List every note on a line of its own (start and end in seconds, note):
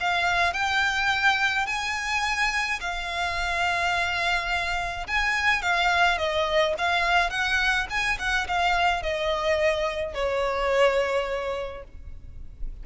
0.00 0.53 F5
0.53 1.66 G5
1.66 2.80 G#5
2.80 5.07 F5
5.07 5.62 G#5
5.62 6.18 F5
6.18 6.74 D#5
6.78 7.30 F5
7.30 7.87 F#5
7.90 8.18 G#5
8.19 8.47 F#5
8.48 9.02 F5
9.02 10.14 D#5
10.14 11.84 C#5